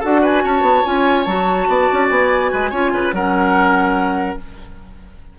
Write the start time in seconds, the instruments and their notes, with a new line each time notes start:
0.00 bassoon D4, clarinet F#4, oboe A4, flute F#5
0.22 oboe B4, flute G#5
0.44 bassoon C#4, oboe C#5, flute A5
0.61 bassoon B3
0.84 bassoon C#4, clarinet F4, flute G#5
1.25 bassoon F#3, clarinet F#4, flute A5
1.68 bassoon B3, oboe D5
1.93 bassoon C#4
2.10 bassoon B3, flute G#5
2.52 bassoon G#3, oboe B4
2.71 bassoon C#4, clarinet F4, oboe C#5
2.93 bassoon C#3, oboe B4
3.12 bassoon F#3, clarinet C#4, oboe A#4, flute F#5